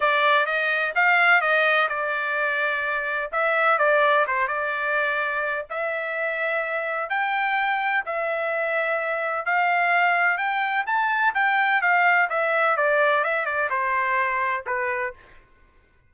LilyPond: \new Staff \with { instrumentName = "trumpet" } { \time 4/4 \tempo 4 = 127 d''4 dis''4 f''4 dis''4 | d''2. e''4 | d''4 c''8 d''2~ d''8 | e''2. g''4~ |
g''4 e''2. | f''2 g''4 a''4 | g''4 f''4 e''4 d''4 | e''8 d''8 c''2 b'4 | }